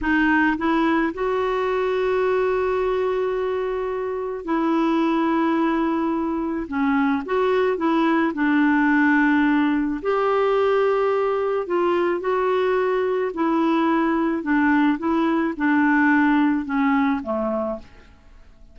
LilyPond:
\new Staff \with { instrumentName = "clarinet" } { \time 4/4 \tempo 4 = 108 dis'4 e'4 fis'2~ | fis'1 | e'1 | cis'4 fis'4 e'4 d'4~ |
d'2 g'2~ | g'4 f'4 fis'2 | e'2 d'4 e'4 | d'2 cis'4 a4 | }